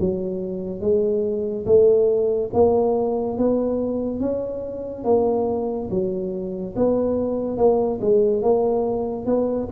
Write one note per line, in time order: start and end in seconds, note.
0.00 0.81 F#3
0.81 1.66 G#3
1.66 2.50 A3
2.54 3.38 A#3
3.38 4.20 B3
4.20 5.04 C#4
5.04 5.89 A#3
5.90 6.75 F#3
6.76 7.57 B3
7.57 8.00 A#3
8.01 8.42 G#3
8.42 9.26 A#3
9.26 9.68 B3